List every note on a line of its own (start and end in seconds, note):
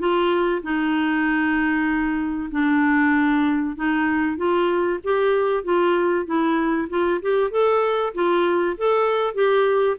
0.00 0.62 F4
0.63 2.51 D#4
2.52 3.76 D4
3.76 4.38 D#4
4.38 5.00 F4
5.04 5.64 G4
5.64 6.26 F4
6.26 6.89 E4
6.90 7.21 F4
7.22 7.51 G4
7.51 8.14 A4
8.14 8.77 F4
8.78 9.35 A4
9.35 9.97 G4